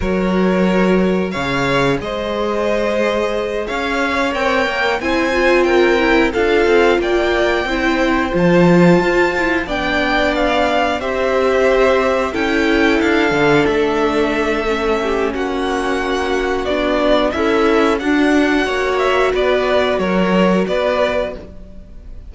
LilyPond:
<<
  \new Staff \with { instrumentName = "violin" } { \time 4/4 \tempo 4 = 90 cis''2 f''4 dis''4~ | dis''4. f''4 g''4 gis''8~ | gis''8 g''4 f''4 g''4.~ | g''8 a''2 g''4 f''8~ |
f''8 e''2 g''4 f''8~ | f''8 e''2~ e''8 fis''4~ | fis''4 d''4 e''4 fis''4~ | fis''8 e''8 d''4 cis''4 d''4 | }
  \new Staff \with { instrumentName = "violin" } { \time 4/4 ais'2 cis''4 c''4~ | c''4. cis''2 c''8~ | c''8 ais'4 a'4 d''4 c''8~ | c''2~ c''8 d''4.~ |
d''8 c''2 a'4.~ | a'2~ a'8 g'8 fis'4~ | fis'2 e'4 d'4 | cis''4 b'4 ais'4 b'4 | }
  \new Staff \with { instrumentName = "viola" } { \time 4/4 fis'2 gis'2~ | gis'2~ gis'8 ais'4 e'8 | f'4 e'8 f'2 e'8~ | e'8 f'4. e'8 d'4.~ |
d'8 g'2 e'4. | d'2 cis'2~ | cis'4 d'4 a'4 fis'4~ | fis'1 | }
  \new Staff \with { instrumentName = "cello" } { \time 4/4 fis2 cis4 gis4~ | gis4. cis'4 c'8 ais8 c'8~ | c'4. d'8 c'8 ais4 c'8~ | c'8 f4 f'4 b4.~ |
b8 c'2 cis'4 d'8 | d8 a2~ a8 ais4~ | ais4 b4 cis'4 d'4 | ais4 b4 fis4 b4 | }
>>